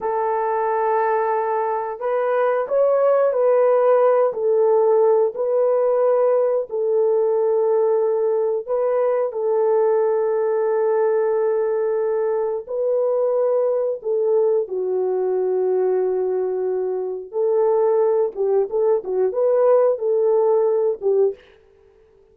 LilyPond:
\new Staff \with { instrumentName = "horn" } { \time 4/4 \tempo 4 = 90 a'2. b'4 | cis''4 b'4. a'4. | b'2 a'2~ | a'4 b'4 a'2~ |
a'2. b'4~ | b'4 a'4 fis'2~ | fis'2 a'4. g'8 | a'8 fis'8 b'4 a'4. g'8 | }